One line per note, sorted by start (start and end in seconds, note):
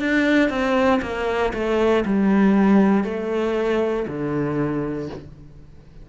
0.00 0.49 D4
0.49 1.00 C4
1.02 1.53 A#3
1.53 2.04 A3
2.05 3.04 G3
3.04 4.06 A3
4.07 5.09 D3